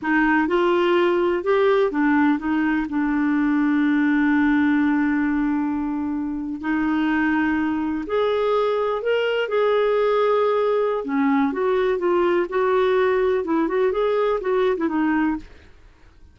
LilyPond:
\new Staff \with { instrumentName = "clarinet" } { \time 4/4 \tempo 4 = 125 dis'4 f'2 g'4 | d'4 dis'4 d'2~ | d'1~ | d'4.~ d'16 dis'2~ dis'16~ |
dis'8. gis'2 ais'4 gis'16~ | gis'2. cis'4 | fis'4 f'4 fis'2 | e'8 fis'8 gis'4 fis'8. e'16 dis'4 | }